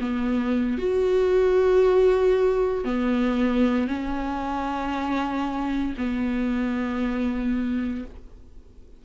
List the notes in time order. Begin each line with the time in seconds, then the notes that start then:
0.00 B3
0.78 F#4
2.84 B3
3.87 C#4
5.97 B3